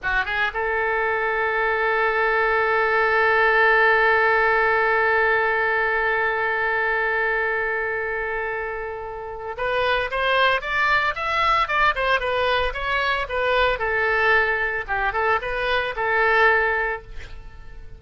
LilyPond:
\new Staff \with { instrumentName = "oboe" } { \time 4/4 \tempo 4 = 113 fis'8 gis'8 a'2.~ | a'1~ | a'1~ | a'1~ |
a'2 b'4 c''4 | d''4 e''4 d''8 c''8 b'4 | cis''4 b'4 a'2 | g'8 a'8 b'4 a'2 | }